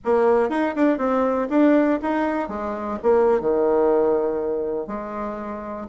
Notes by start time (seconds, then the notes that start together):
0.05 A#3
0.49 D#4
0.75 D4
0.97 C4
1.49 D4
2.01 D#4
2.48 G#3
3.02 A#3
3.40 D#3
4.87 G#3